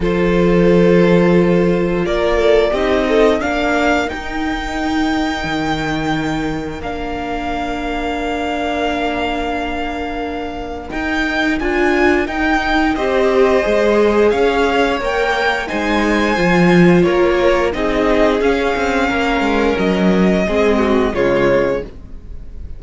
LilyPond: <<
  \new Staff \with { instrumentName = "violin" } { \time 4/4 \tempo 4 = 88 c''2. d''4 | dis''4 f''4 g''2~ | g''2 f''2~ | f''1 |
g''4 gis''4 g''4 dis''4~ | dis''4 f''4 g''4 gis''4~ | gis''4 cis''4 dis''4 f''4~ | f''4 dis''2 cis''4 | }
  \new Staff \with { instrumentName = "violin" } { \time 4/4 a'2. ais'8 a'8 | g'8 a'8 ais'2.~ | ais'1~ | ais'1~ |
ais'2. c''4~ | c''4 cis''2 c''4~ | c''4 ais'4 gis'2 | ais'2 gis'8 fis'8 f'4 | }
  \new Staff \with { instrumentName = "viola" } { \time 4/4 f'1 | dis'4 d'4 dis'2~ | dis'2 d'2~ | d'1 |
dis'4 f'4 dis'4 g'4 | gis'2 ais'4 dis'4 | f'2 dis'4 cis'4~ | cis'2 c'4 gis4 | }
  \new Staff \with { instrumentName = "cello" } { \time 4/4 f2. ais4 | c'4 ais4 dis'2 | dis2 ais2~ | ais1 |
dis'4 d'4 dis'4 c'4 | gis4 cis'4 ais4 gis4 | f4 ais4 c'4 cis'8 c'8 | ais8 gis8 fis4 gis4 cis4 | }
>>